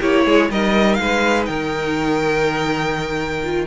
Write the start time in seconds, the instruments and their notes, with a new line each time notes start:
0.00 cello A#3, viola E4, violin G4 C#5
0.25 cello G#3, violin G#4
0.50 cello G3, viola D#4, violin A#4 D#5
0.95 cello G#3, violin F5
1.01 violin B4
1.46 cello D#3, violin A#4 G5
3.44 viola F4